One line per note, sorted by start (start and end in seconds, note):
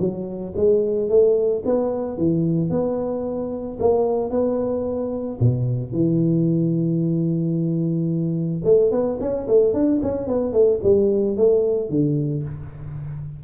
0.00 0.54 F#3
0.57 1.09 G#3
1.09 1.63 A3
1.66 2.18 B3
2.18 2.70 E3
2.70 3.78 B3
3.80 4.31 A#3
4.31 5.39 B3
5.40 5.92 B2
5.92 8.63 E3
8.65 8.92 A3
8.92 9.19 B3
9.21 9.48 C#4
9.48 9.74 A3
9.74 10.01 D4
10.03 10.28 C#4
10.28 10.53 B3
10.53 10.80 A3
10.84 11.37 G3
11.37 11.90 A3
11.90 12.44 D3